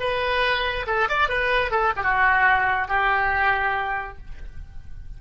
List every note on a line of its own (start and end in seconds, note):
0.00 0.86 B4
0.87 1.09 A4
1.09 1.29 D5
1.29 1.72 B4
1.72 1.93 A4
1.97 2.03 G4
2.03 2.88 F#4
2.88 4.18 G4